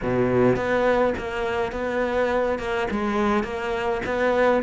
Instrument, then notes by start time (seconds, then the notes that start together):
cello
0.02 B2
0.56 B3
1.17 A#3
1.72 B3
2.58 A#3
2.90 G#3
3.43 A#3
4.05 B3